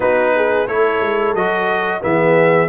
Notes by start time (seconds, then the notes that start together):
0.00 B3 D#4 F#4 B4
0.36 G#4
0.66 A3 E4 A4 C#5
1.01 G#3
1.34 F#3 F#4 D#5
2.00 E3 B3 G#4 E5